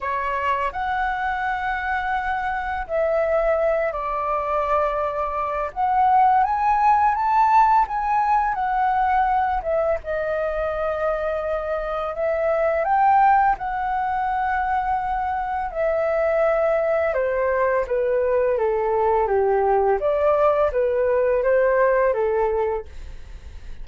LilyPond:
\new Staff \with { instrumentName = "flute" } { \time 4/4 \tempo 4 = 84 cis''4 fis''2. | e''4. d''2~ d''8 | fis''4 gis''4 a''4 gis''4 | fis''4. e''8 dis''2~ |
dis''4 e''4 g''4 fis''4~ | fis''2 e''2 | c''4 b'4 a'4 g'4 | d''4 b'4 c''4 a'4 | }